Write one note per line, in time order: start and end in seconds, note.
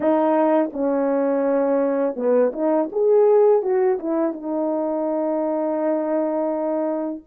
0.00 0.70 D#4
0.72 2.16 C#4
2.16 2.52 B3
2.53 2.89 D#4
2.91 3.62 G#4
3.62 3.98 F#4
3.99 4.32 E4
4.32 7.21 D#4